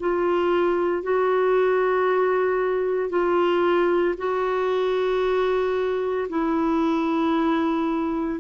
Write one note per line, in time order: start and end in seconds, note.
0.00 1.03 F4
1.03 3.10 F#4
3.10 4.15 F4
4.18 6.28 F#4
6.29 8.40 E4